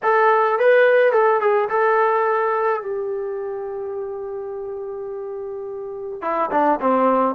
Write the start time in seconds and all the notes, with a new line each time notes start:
0.02 A4
0.59 B4
1.12 A4
1.40 G#4
1.69 A4
2.82 G4
6.21 E4
6.51 D4
6.81 C4